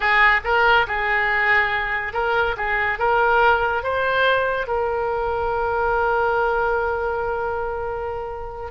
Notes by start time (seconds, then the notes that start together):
0.00 G#4
0.44 A#4
0.87 G#4
2.13 A#4
2.56 G#4
2.98 A#4
3.83 C5
4.67 A#4